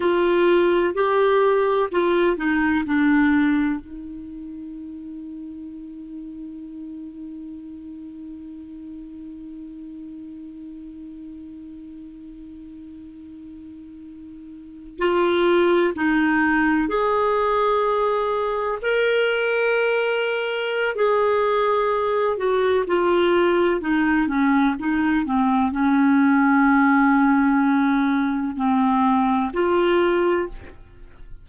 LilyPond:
\new Staff \with { instrumentName = "clarinet" } { \time 4/4 \tempo 4 = 63 f'4 g'4 f'8 dis'8 d'4 | dis'1~ | dis'1~ | dis'2.~ dis'8. f'16~ |
f'8. dis'4 gis'2 ais'16~ | ais'2 gis'4. fis'8 | f'4 dis'8 cis'8 dis'8 c'8 cis'4~ | cis'2 c'4 f'4 | }